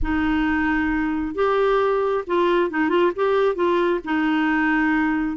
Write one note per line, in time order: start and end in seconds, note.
0.02 1.35 D#4
1.35 2.24 G4
2.26 2.70 F4
2.70 2.89 D#4
2.89 3.11 F4
3.15 3.55 G4
3.55 4.00 F4
4.04 5.36 D#4